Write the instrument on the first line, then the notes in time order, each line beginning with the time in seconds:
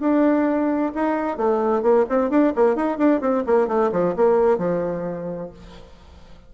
bassoon
0.00 D4
0.95 D#4
1.37 A3
1.82 A#3
2.09 C4
2.30 D4
2.56 A#3
2.75 D#4
2.98 D4
3.21 C4
3.46 A#3
3.68 A3
3.92 F3
4.16 A#3
4.58 F3